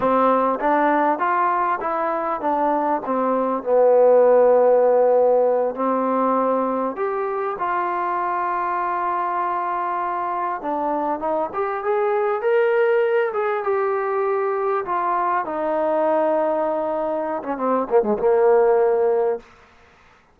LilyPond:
\new Staff \with { instrumentName = "trombone" } { \time 4/4 \tempo 4 = 99 c'4 d'4 f'4 e'4 | d'4 c'4 b2~ | b4. c'2 g'8~ | g'8 f'2.~ f'8~ |
f'4. d'4 dis'8 g'8 gis'8~ | gis'8 ais'4. gis'8 g'4.~ | g'8 f'4 dis'2~ dis'8~ | dis'8. cis'16 c'8 ais16 gis16 ais2 | }